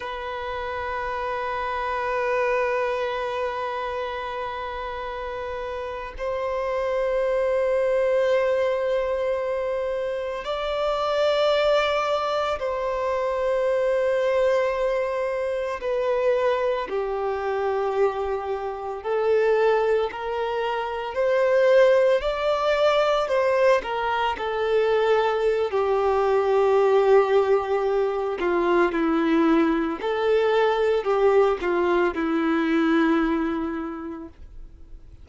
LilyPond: \new Staff \with { instrumentName = "violin" } { \time 4/4 \tempo 4 = 56 b'1~ | b'4.~ b'16 c''2~ c''16~ | c''4.~ c''16 d''2 c''16~ | c''2~ c''8. b'4 g'16~ |
g'4.~ g'16 a'4 ais'4 c''16~ | c''8. d''4 c''8 ais'8 a'4~ a'16 | g'2~ g'8 f'8 e'4 | a'4 g'8 f'8 e'2 | }